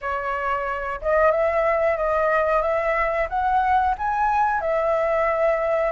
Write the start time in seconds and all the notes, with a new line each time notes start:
0.01 C#5
1.01 D#5
1.31 E5
1.97 D#5
2.62 E5
3.29 F#5
3.97 G#5
4.61 E5